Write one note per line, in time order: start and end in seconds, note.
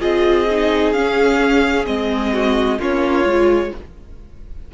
0.00 0.95 C4
0.00 0.46 F4
0.00 2.32 G#4
0.00 0.93 D#5
0.51 0.95 D#4
0.93 1.86 C#4
0.93 1.87 C#4
0.93 1.85 F5
1.86 2.79 G#3
1.86 2.78 C4
1.86 2.79 D#5
2.34 2.79 F#4
2.79 3.25 A#3
2.79 3.26 C#4
2.79 3.72 F4
2.79 3.74 C#5
3.25 3.71 G#3
3.25 3.72 F4